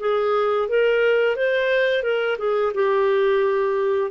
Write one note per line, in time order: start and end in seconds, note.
0.00 0.69 G#4
0.69 1.37 A#4
1.37 2.03 C5
2.03 2.38 A#4
2.39 2.73 G#4
2.75 4.11 G4